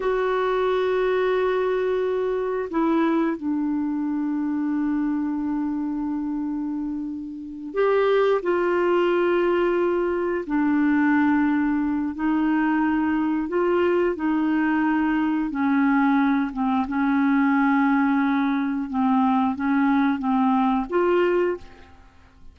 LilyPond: \new Staff \with { instrumentName = "clarinet" } { \time 4/4 \tempo 4 = 89 fis'1 | e'4 d'2.~ | d'2.~ d'8 g'8~ | g'8 f'2. d'8~ |
d'2 dis'2 | f'4 dis'2 cis'4~ | cis'8 c'8 cis'2. | c'4 cis'4 c'4 f'4 | }